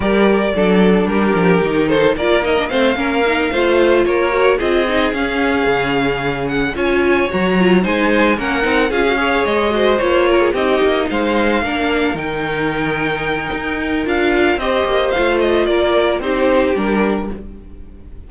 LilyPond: <<
  \new Staff \with { instrumentName = "violin" } { \time 4/4 \tempo 4 = 111 d''2 ais'4. c''8 | d''8 dis''8 f''2~ f''8 cis''8~ | cis''8 dis''4 f''2~ f''8 | fis''8 gis''4 ais''4 gis''4 fis''8~ |
fis''8 f''4 dis''4 cis''4 dis''8~ | dis''8 f''2 g''4.~ | g''2 f''4 dis''4 | f''8 dis''8 d''4 c''4 ais'4 | }
  \new Staff \with { instrumentName = "violin" } { \time 4/4 ais'4 a'4 g'4. a'8 | ais'4 c''8 ais'4 c''4 ais'8~ | ais'8 gis'2.~ gis'8~ | gis'8 cis''2 c''4 ais'8~ |
ais'8 gis'8 cis''4 c''4 ais'16 gis'16 g'8~ | g'8 c''4 ais'2~ ais'8~ | ais'2. c''4~ | c''4 ais'4 g'2 | }
  \new Staff \with { instrumentName = "viola" } { \time 4/4 g'4 d'2 dis'4 | f'8 dis'16 d'16 c'8 cis'8 dis'8 f'4. | fis'8 f'8 dis'8 cis'2~ cis'8~ | cis'8 f'4 fis'8 f'8 dis'4 cis'8 |
dis'8 f'16 fis'16 gis'4 fis'8 f'4 dis'8~ | dis'4. d'4 dis'4.~ | dis'2 f'4 g'4 | f'2 dis'4 d'4 | }
  \new Staff \with { instrumentName = "cello" } { \time 4/4 g4 fis4 g8 f8 dis4 | ais4 a8 ais4 a4 ais8~ | ais8 c'4 cis'4 cis4.~ | cis8 cis'4 fis4 gis4 ais8 |
c'8 cis'4 gis4 ais4 c'8 | ais8 gis4 ais4 dis4.~ | dis4 dis'4 d'4 c'8 ais8 | a4 ais4 c'4 g4 | }
>>